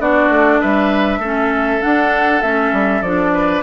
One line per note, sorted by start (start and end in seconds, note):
0.00 0.29 B3
0.00 1.22 D4
0.00 0.61 F#4
0.00 0.61 D5
0.29 0.60 A3
0.61 1.19 G3
0.61 1.20 B4
0.61 1.82 E5
1.19 1.79 A3
1.19 1.81 C#4
1.19 3.32 A4
1.81 2.42 D4
1.81 2.43 D4
1.81 2.42 F#5
2.42 2.73 A3
2.42 3.04 C#4
2.42 3.02 E5
2.73 3.02 G3
3.02 3.62 F3
3.02 3.63 D4
3.02 3.63 D5
3.34 3.63 B4